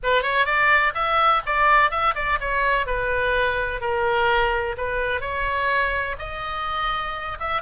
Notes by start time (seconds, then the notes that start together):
0.03 B4
0.22 C#5
0.45 D5
0.94 E5
1.45 D5
1.90 E5
2.15 D5
2.40 C#5
2.86 B4
3.81 A#4
4.77 B4
5.20 C#5
6.18 D#5
7.39 E5